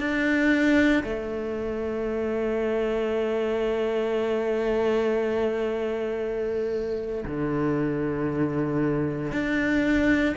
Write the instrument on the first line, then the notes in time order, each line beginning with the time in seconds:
cello
0.00 D4
1.04 A3
7.26 D3
9.32 D4